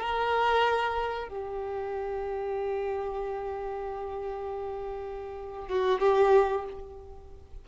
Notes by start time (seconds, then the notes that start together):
0.00 A#4
1.29 G4
5.68 F#4
6.00 G4